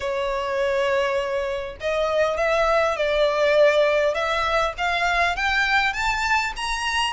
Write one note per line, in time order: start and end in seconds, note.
0.00 1.76 C#5
1.80 2.37 D#5
2.37 2.96 E5
2.96 4.14 D5
4.14 4.73 E5
4.77 5.36 F5
5.36 5.93 G5
5.93 6.52 A5
6.56 7.13 A#5